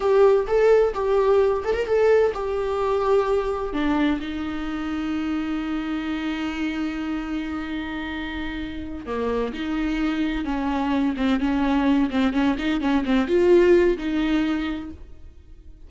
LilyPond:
\new Staff \with { instrumentName = "viola" } { \time 4/4 \tempo 4 = 129 g'4 a'4 g'4. a'16 ais'16 | a'4 g'2. | d'4 dis'2.~ | dis'1~ |
dis'2.~ dis'8 ais8~ | ais8 dis'2 cis'4. | c'8 cis'4. c'8 cis'8 dis'8 cis'8 | c'8 f'4. dis'2 | }